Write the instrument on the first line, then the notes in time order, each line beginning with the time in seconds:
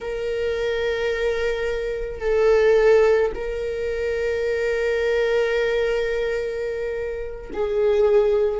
viola
0.00 A#4
2.20 A4
3.34 A#4
7.53 G#4